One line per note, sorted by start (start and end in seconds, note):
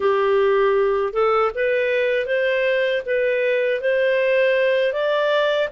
0.00 1.13 G4
1.13 1.51 A4
1.54 2.25 B4
2.25 3.01 C5
3.06 3.80 B4
3.80 4.92 C5
4.92 5.68 D5